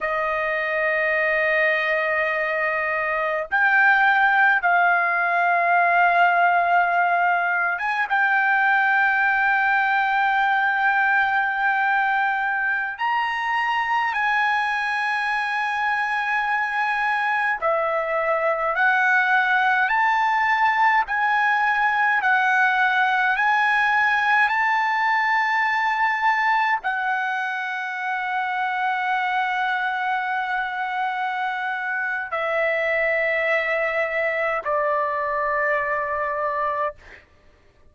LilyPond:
\new Staff \with { instrumentName = "trumpet" } { \time 4/4 \tempo 4 = 52 dis''2. g''4 | f''2~ f''8. gis''16 g''4~ | g''2.~ g''16 ais''8.~ | ais''16 gis''2. e''8.~ |
e''16 fis''4 a''4 gis''4 fis''8.~ | fis''16 gis''4 a''2 fis''8.~ | fis''1 | e''2 d''2 | }